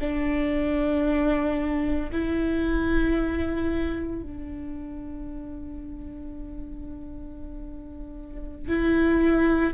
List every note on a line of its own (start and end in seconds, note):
0.00 2.11 D4
2.12 4.22 E4
4.22 8.68 D4
8.68 9.74 E4